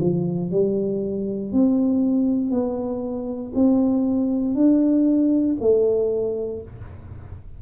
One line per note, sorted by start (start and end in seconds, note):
0.00 0.51 F3
0.51 1.53 G3
1.53 2.51 C4
2.51 3.53 B3
3.55 4.55 C4
4.55 5.57 D4
5.61 6.62 A3